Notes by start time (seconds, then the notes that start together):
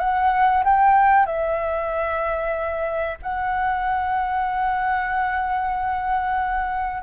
0.00 F#5
0.65 G5
1.26 E5
3.23 F#5